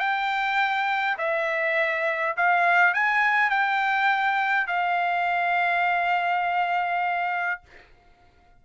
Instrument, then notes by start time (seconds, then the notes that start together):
trumpet
0.00 G5
1.19 E5
2.37 F5
2.94 G#5
3.51 G5
4.68 F5